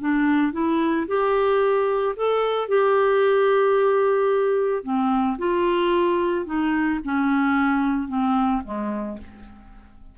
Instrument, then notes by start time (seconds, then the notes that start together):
clarinet
0.00 D4
0.52 E4
1.07 G4
2.16 A4
2.68 G4
4.83 C4
5.38 F4
6.45 D#4
7.04 C#4
8.08 C4
8.64 G#3